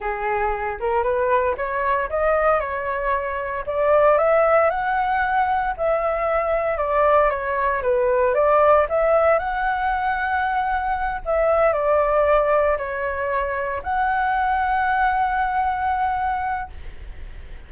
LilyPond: \new Staff \with { instrumentName = "flute" } { \time 4/4 \tempo 4 = 115 gis'4. ais'8 b'4 cis''4 | dis''4 cis''2 d''4 | e''4 fis''2 e''4~ | e''4 d''4 cis''4 b'4 |
d''4 e''4 fis''2~ | fis''4. e''4 d''4.~ | d''8 cis''2 fis''4.~ | fis''1 | }